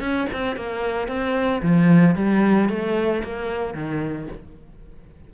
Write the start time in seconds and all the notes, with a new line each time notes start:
0.00 C#4
0.33 C4
0.57 A#3
1.08 C4
1.63 F3
2.16 G3
2.69 A3
3.24 A#3
3.75 D#3